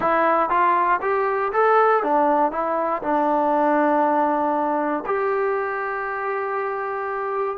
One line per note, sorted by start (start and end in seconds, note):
0.00 0.49 E4
0.49 0.99 F4
1.01 1.52 G4
1.52 2.03 A4
2.03 2.51 D4
2.51 3.01 E4
3.02 5.04 D4
5.06 7.57 G4